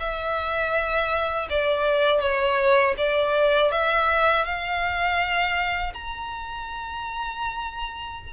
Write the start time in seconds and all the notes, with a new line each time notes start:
0.00 E5
1.50 D5
2.21 C#5
2.98 D5
3.72 E5
4.45 F5
5.94 A#5